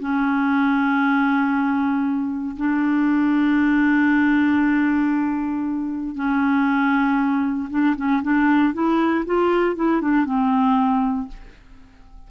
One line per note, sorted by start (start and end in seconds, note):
0.00 2.56 C#4
2.57 6.15 D4
6.15 7.69 C#4
7.70 7.96 D4
7.97 8.22 C#4
8.23 8.74 D4
8.74 9.25 E4
9.26 9.76 F4
9.76 10.01 E4
10.01 10.25 D4
10.25 11.28 C4